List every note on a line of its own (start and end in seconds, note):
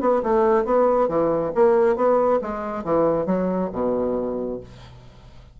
0.00 0.22 B3
0.22 0.64 A3
0.64 1.08 B3
1.08 1.52 E3
1.54 1.95 A#3
1.95 2.39 B3
2.41 2.83 G#3
2.83 3.26 E3
3.26 3.70 F#3
3.72 4.59 B2